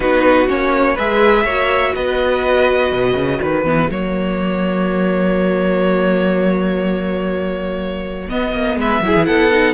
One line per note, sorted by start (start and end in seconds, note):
0.00 0.49 B3
0.00 0.48 D#4
0.00 0.94 F#4
0.00 0.47 B4
0.48 0.98 A#3
0.48 0.97 C#4
0.48 0.97 C#5
0.94 1.44 G#3
0.94 1.47 G#4
0.94 1.43 B4
0.94 1.94 E5
1.44 1.93 A#3
1.44 3.64 F#4
1.44 1.93 C#5
1.94 2.92 B3
1.94 3.40 B4
1.94 3.41 D#5
2.92 3.14 B2
3.14 3.38 C#3
3.40 3.64 D#3
3.40 8.77 F#4
3.40 3.90 B4
3.64 3.89 E3
3.64 3.89 B3
3.90 8.29 F#3
3.90 8.29 A#3
3.90 8.29 C#5
8.29 9.02 B3
8.29 8.52 B3
8.29 8.78 D#5
8.52 8.76 A#3
8.76 9.00 G#3
8.76 9.03 B4
8.76 9.25 E5
9.01 9.13 F#3
9.01 9.52 E4
9.01 9.27 G#4
9.15 9.27 E3
9.25 9.74 B3
9.25 9.74 A4
9.25 9.74 F#5
9.52 9.74 D#4